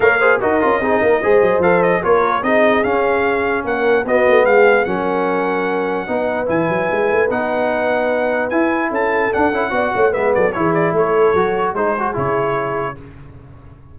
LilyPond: <<
  \new Staff \with { instrumentName = "trumpet" } { \time 4/4 \tempo 4 = 148 f''4 dis''2. | f''8 dis''8 cis''4 dis''4 f''4~ | f''4 fis''4 dis''4 f''4 | fis''1 |
gis''2 fis''2~ | fis''4 gis''4 a''4 fis''4~ | fis''4 e''8 d''8 cis''8 d''8 cis''4~ | cis''4 c''4 cis''2 | }
  \new Staff \with { instrumentName = "horn" } { \time 4/4 cis''8 c''8 ais'4 gis'8 ais'8 c''4~ | c''4 ais'4 gis'2~ | gis'4 ais'4 fis'4 gis'4 | ais'2. b'4~ |
b'1~ | b'2 a'2 | d''8 cis''8 b'8 a'8 gis'4 a'4~ | a'4 gis'2. | }
  \new Staff \with { instrumentName = "trombone" } { \time 4/4 ais'8 gis'8 fis'8 f'8 dis'4 gis'4 | a'4 f'4 dis'4 cis'4~ | cis'2 b2 | cis'2. dis'4 |
e'2 dis'2~ | dis'4 e'2 d'8 e'8 | fis'4 b4 e'2 | fis'4 dis'8 fis'8 e'2 | }
  \new Staff \with { instrumentName = "tuba" } { \time 4/4 ais4 dis'8 cis'8 c'8 ais8 gis8 fis8 | f4 ais4 c'4 cis'4~ | cis'4 ais4 b8 a8 gis4 | fis2. b4 |
e8 fis8 gis8 a8 b2~ | b4 e'4 cis'4 d'8 cis'8 | b8 a8 gis8 fis8 e4 a4 | fis4 gis4 cis2 | }
>>